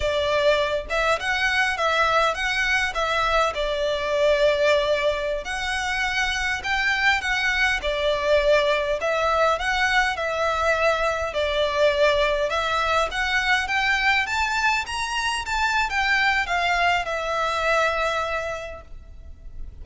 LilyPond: \new Staff \with { instrumentName = "violin" } { \time 4/4 \tempo 4 = 102 d''4. e''8 fis''4 e''4 | fis''4 e''4 d''2~ | d''4~ d''16 fis''2 g''8.~ | g''16 fis''4 d''2 e''8.~ |
e''16 fis''4 e''2 d''8.~ | d''4~ d''16 e''4 fis''4 g''8.~ | g''16 a''4 ais''4 a''8. g''4 | f''4 e''2. | }